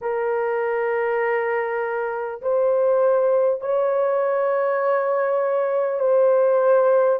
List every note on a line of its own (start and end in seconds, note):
0.01 2.41 A#4
2.41 3.61 C5
3.61 5.99 C#5
5.99 7.19 C5